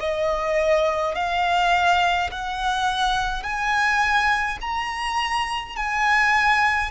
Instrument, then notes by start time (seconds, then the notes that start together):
violin
0.00 D#5
1.15 F5
2.31 F#5
3.43 G#5
4.62 A#5
5.76 G#5